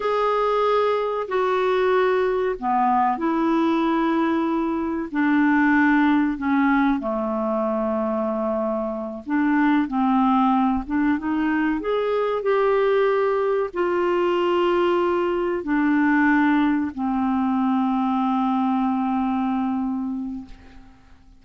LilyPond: \new Staff \with { instrumentName = "clarinet" } { \time 4/4 \tempo 4 = 94 gis'2 fis'2 | b4 e'2. | d'2 cis'4 a4~ | a2~ a8 d'4 c'8~ |
c'4 d'8 dis'4 gis'4 g'8~ | g'4. f'2~ f'8~ | f'8 d'2 c'4.~ | c'1 | }